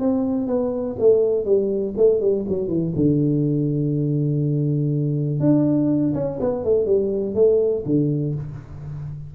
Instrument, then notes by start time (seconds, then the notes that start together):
tuba
0.00 C4
0.47 B3
0.99 A3
1.45 G3
1.97 A3
2.20 G3
2.49 F#3
2.68 E3
2.95 D3
5.40 D4
6.14 C#4
6.40 B3
6.64 A3
6.86 G3
7.35 A3
7.85 D3